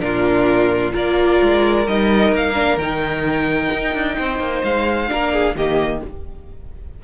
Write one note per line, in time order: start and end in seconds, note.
0.00 0.92 A#2
0.00 0.92 D4
0.00 0.93 F4
0.00 0.92 A#4
0.92 1.41 A#3
0.92 1.85 F4
0.92 4.17 A#4
0.92 1.88 D5
1.42 1.87 G#3
1.87 2.32 G3
1.87 2.55 D#4
1.87 2.34 D#5
2.32 2.77 A#3
2.32 2.78 F5
2.55 2.78 D4
2.77 3.69 D#3
2.77 5.08 D#4
2.77 4.63 G5
3.72 3.94 D#4
3.94 4.17 D4
4.18 4.39 C4
4.18 5.10 C5
4.39 4.62 A#3
4.64 5.10 G#3
4.64 5.57 F5
5.08 5.55 A#3
5.08 5.54 D4
5.08 5.33 A#4
5.33 5.56 G#4
5.55 6.02 D#3
5.55 6.04 A#3
5.55 6.02 G4
5.55 6.03 D#5